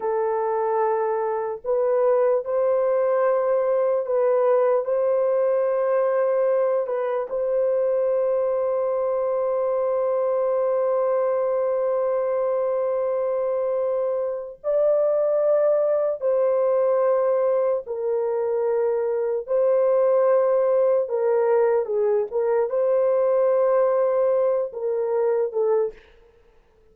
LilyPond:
\new Staff \with { instrumentName = "horn" } { \time 4/4 \tempo 4 = 74 a'2 b'4 c''4~ | c''4 b'4 c''2~ | c''8 b'8 c''2.~ | c''1~ |
c''2 d''2 | c''2 ais'2 | c''2 ais'4 gis'8 ais'8 | c''2~ c''8 ais'4 a'8 | }